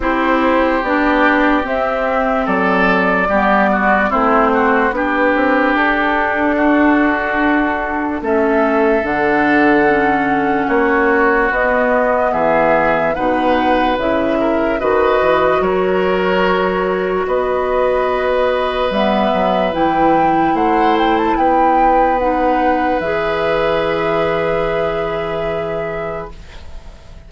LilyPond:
<<
  \new Staff \with { instrumentName = "flute" } { \time 4/4 \tempo 4 = 73 c''4 d''4 e''4 d''4~ | d''4 c''4 b'4 a'4~ | a'2 e''4 fis''4~ | fis''4 cis''4 dis''4 e''4 |
fis''4 e''4 dis''4 cis''4~ | cis''4 dis''2 e''4 | g''4 fis''8 g''16 a''16 g''4 fis''4 | e''1 | }
  \new Staff \with { instrumentName = "oboe" } { \time 4/4 g'2. a'4 | g'8 fis'8 e'8 fis'8 g'2 | fis'2 a'2~ | a'4 fis'2 gis'4 |
b'4. ais'8 b'4 ais'4~ | ais'4 b'2.~ | b'4 c''4 b'2~ | b'1 | }
  \new Staff \with { instrumentName = "clarinet" } { \time 4/4 e'4 d'4 c'2 | b4 c'4 d'2~ | d'2 cis'4 d'4 | cis'2 b2 |
dis'4 e'4 fis'2~ | fis'2. b4 | e'2. dis'4 | gis'1 | }
  \new Staff \with { instrumentName = "bassoon" } { \time 4/4 c'4 b4 c'4 fis4 | g4 a4 b8 c'8 d'4~ | d'2 a4 d4~ | d4 ais4 b4 e4 |
b,4 cis4 dis8 e8 fis4~ | fis4 b2 g8 fis8 | e4 a4 b2 | e1 | }
>>